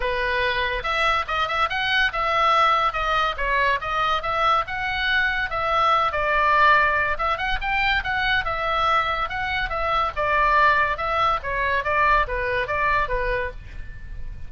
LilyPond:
\new Staff \with { instrumentName = "oboe" } { \time 4/4 \tempo 4 = 142 b'2 e''4 dis''8 e''8 | fis''4 e''2 dis''4 | cis''4 dis''4 e''4 fis''4~ | fis''4 e''4. d''4.~ |
d''4 e''8 fis''8 g''4 fis''4 | e''2 fis''4 e''4 | d''2 e''4 cis''4 | d''4 b'4 d''4 b'4 | }